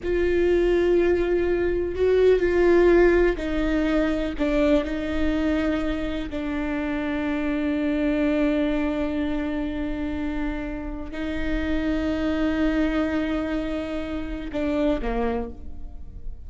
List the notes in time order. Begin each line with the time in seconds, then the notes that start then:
0.03 F4
1.95 F#4
2.39 F4
3.36 D#4
4.38 D4
4.84 D#4
6.29 D4
11.11 D#4
14.52 D4
15.01 A#3